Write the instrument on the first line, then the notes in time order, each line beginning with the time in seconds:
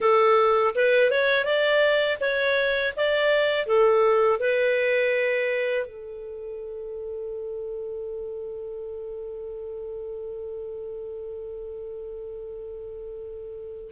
clarinet
0.00 A4
0.75 B4
1.10 C#5
1.45 D5
2.20 C#5
2.96 D5
3.66 A4
4.39 B4
5.86 A4